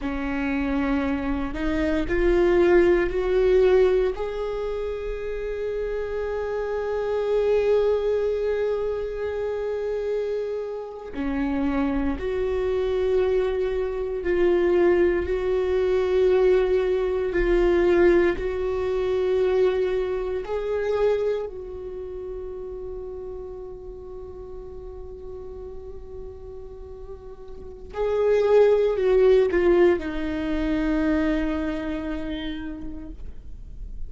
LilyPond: \new Staff \with { instrumentName = "viola" } { \time 4/4 \tempo 4 = 58 cis'4. dis'8 f'4 fis'4 | gis'1~ | gis'2~ gis'8. cis'4 fis'16~ | fis'4.~ fis'16 f'4 fis'4~ fis'16~ |
fis'8. f'4 fis'2 gis'16~ | gis'8. fis'2.~ fis'16~ | fis'2. gis'4 | fis'8 f'8 dis'2. | }